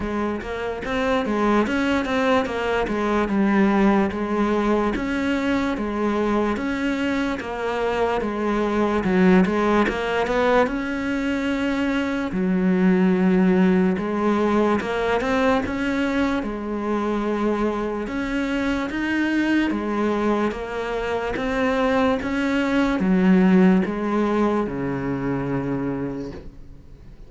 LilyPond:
\new Staff \with { instrumentName = "cello" } { \time 4/4 \tempo 4 = 73 gis8 ais8 c'8 gis8 cis'8 c'8 ais8 gis8 | g4 gis4 cis'4 gis4 | cis'4 ais4 gis4 fis8 gis8 | ais8 b8 cis'2 fis4~ |
fis4 gis4 ais8 c'8 cis'4 | gis2 cis'4 dis'4 | gis4 ais4 c'4 cis'4 | fis4 gis4 cis2 | }